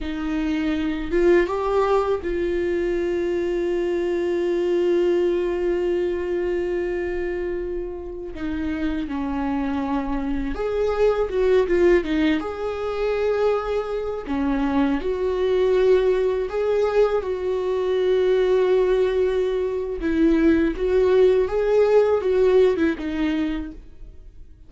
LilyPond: \new Staff \with { instrumentName = "viola" } { \time 4/4 \tempo 4 = 81 dis'4. f'8 g'4 f'4~ | f'1~ | f'2.~ f'16 dis'8.~ | dis'16 cis'2 gis'4 fis'8 f'16~ |
f'16 dis'8 gis'2~ gis'8 cis'8.~ | cis'16 fis'2 gis'4 fis'8.~ | fis'2. e'4 | fis'4 gis'4 fis'8. e'16 dis'4 | }